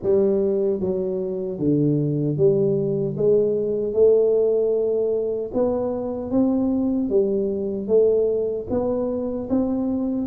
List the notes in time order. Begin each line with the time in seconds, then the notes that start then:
0.03 G3
0.79 F#3
1.58 D3
2.37 G3
3.17 G#3
3.93 A3
5.53 B3
6.31 C4
7.09 G3
7.87 A3
8.69 B3
9.49 C4